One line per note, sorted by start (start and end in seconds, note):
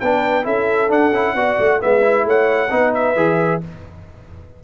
0.00 0.46 B3
0.00 0.43 D4
0.00 0.44 B4
0.00 0.45 G5
0.43 0.90 C#4
0.43 0.88 E4
0.43 1.35 A4
0.43 0.91 E5
0.88 1.11 D4
0.88 1.12 D4
0.88 1.81 F#5
1.12 1.34 C#4
1.12 1.36 E4
1.34 1.57 B3
1.34 1.80 F#4
1.34 1.81 D5
1.59 1.82 A3
1.80 2.25 G#3
1.80 2.01 B3
1.80 2.26 B4
1.80 2.27 E5
2.01 2.69 E4
2.25 2.70 A3
2.25 2.72 C#5
2.25 2.94 F#5
2.70 3.16 B3
2.70 3.16 D#4
2.70 3.64 B4
2.94 3.62 E5
3.16 3.61 E3
3.16 3.61 G#4